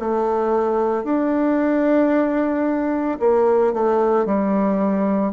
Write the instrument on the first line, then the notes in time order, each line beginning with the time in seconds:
bassoon
0.00 A3
1.04 D4
3.20 A#3
3.74 A3
4.26 G3